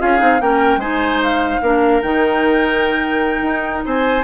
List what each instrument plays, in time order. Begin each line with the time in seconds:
0.00 bassoon C#4, clarinet F4, oboe G#4, flute F5
0.18 bassoon C4, clarinet D#4
0.41 bassoon A#3, clarinet C#4, oboe A#4, flute G5
0.77 bassoon G#3, clarinet D#4, oboe C5, flute G#5
1.23 flute F5
1.62 bassoon A#3, clarinet D4, oboe A#4
2.02 bassoon D#3, clarinet D#4, flute G5
3.42 bassoon D#4
3.85 bassoon C4, oboe C5, flute G#5